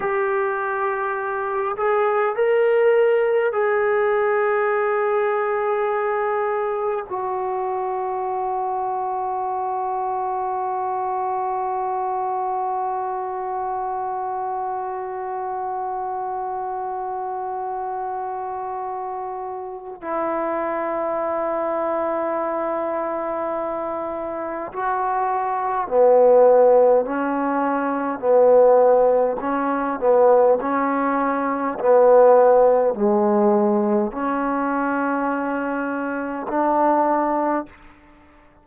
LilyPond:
\new Staff \with { instrumentName = "trombone" } { \time 4/4 \tempo 4 = 51 g'4. gis'8 ais'4 gis'4~ | gis'2 fis'2~ | fis'1~ | fis'1~ |
fis'4 e'2.~ | e'4 fis'4 b4 cis'4 | b4 cis'8 b8 cis'4 b4 | gis4 cis'2 d'4 | }